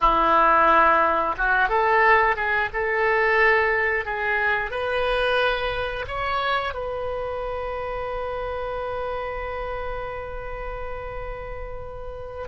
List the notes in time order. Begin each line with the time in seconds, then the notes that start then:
0.00 E4
1.37 F#4
1.69 A4
2.36 G#4
2.73 A4
4.04 G#4
4.70 B4
6.07 C#5
6.74 B4